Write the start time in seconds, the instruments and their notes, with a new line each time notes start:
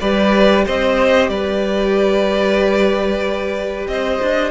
0.00 cello G3, viola G4, violin B4 D5
0.65 cello C4, violin C5 D#5
1.29 cello G3, violin B4 D5
3.87 cello C4, violin C5 D#5
4.21 cello D4